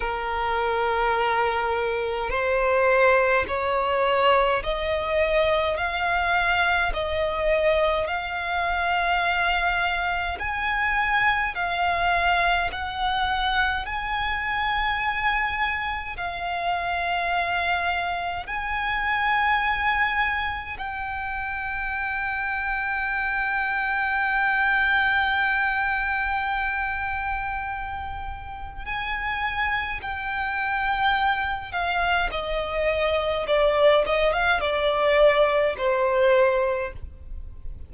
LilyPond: \new Staff \with { instrumentName = "violin" } { \time 4/4 \tempo 4 = 52 ais'2 c''4 cis''4 | dis''4 f''4 dis''4 f''4~ | f''4 gis''4 f''4 fis''4 | gis''2 f''2 |
gis''2 g''2~ | g''1~ | g''4 gis''4 g''4. f''8 | dis''4 d''8 dis''16 f''16 d''4 c''4 | }